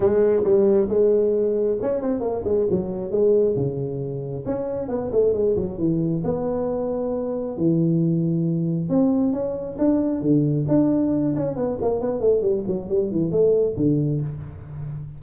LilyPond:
\new Staff \with { instrumentName = "tuba" } { \time 4/4 \tempo 4 = 135 gis4 g4 gis2 | cis'8 c'8 ais8 gis8 fis4 gis4 | cis2 cis'4 b8 a8 | gis8 fis8 e4 b2~ |
b4 e2. | c'4 cis'4 d'4 d4 | d'4. cis'8 b8 ais8 b8 a8 | g8 fis8 g8 e8 a4 d4 | }